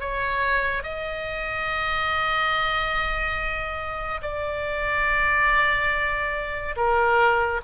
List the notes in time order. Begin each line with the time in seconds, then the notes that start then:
0.00 C#5
0.83 D#5
4.22 D5
6.76 A#4